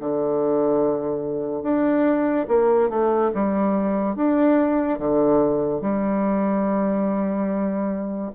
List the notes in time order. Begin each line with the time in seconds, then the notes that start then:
0.00 D3
1.63 D4
2.48 A#3
2.89 A3
3.34 G3
4.16 D4
4.99 D3
5.81 G3